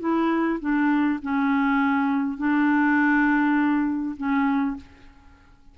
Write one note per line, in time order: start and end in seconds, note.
0.00 0.59 E4
0.60 1.20 D4
1.23 2.38 C#4
2.38 4.16 D4
4.17 4.77 C#4